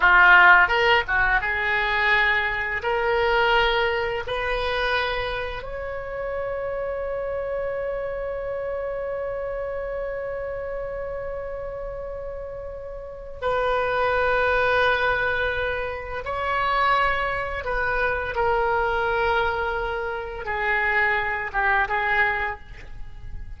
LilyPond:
\new Staff \with { instrumentName = "oboe" } { \time 4/4 \tempo 4 = 85 f'4 ais'8 fis'8 gis'2 | ais'2 b'2 | cis''1~ | cis''1~ |
cis''2. b'4~ | b'2. cis''4~ | cis''4 b'4 ais'2~ | ais'4 gis'4. g'8 gis'4 | }